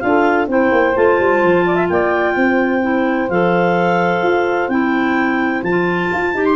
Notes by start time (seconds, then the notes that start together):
0.00 D4 F4 A4 F5
0.48 C4 E4 C5 G5
0.72 A#3
0.95 A3 F4 A5
1.20 G3
1.43 F3
1.66 D5
1.76 E5
1.89 A#3 D5 G5
2.34 C4 C5
2.82 E4
3.30 F3 A4 F5
4.23 F4
4.69 C4 E4 G5
5.63 F3 A5
5.69 F4
6.13 F4
6.34 D#4 G4
6.45 C6